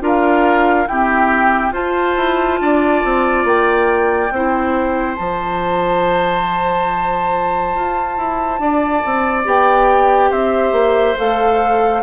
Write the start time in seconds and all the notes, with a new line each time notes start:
0.00 D4 F4 A#4
0.07 F5
0.87 C4 E4 G4 G5
1.71 F4 C5 A5
2.17 E4
2.60 D4 D5
3.04 C4
3.44 A#3 G5
4.31 C4 E4 C5
5.15 F3 F4 A5
7.75 F4
8.17 E4
8.59 D4 D5
9.05 C4
9.45 B3 G4 G5
10.30 C4 C5 E5
10.72 A#3
11.17 A3 A4 F5